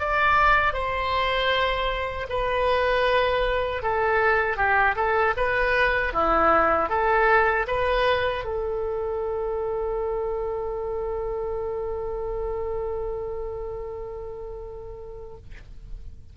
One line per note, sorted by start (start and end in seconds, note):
0.00 0.73 D5
0.73 2.27 C5
2.30 3.83 B4
3.83 4.57 A4
4.57 4.96 G4
4.96 5.35 A4
5.37 6.13 B4
6.13 6.90 E4
6.90 7.67 A4
7.68 8.45 B4
8.45 15.37 A4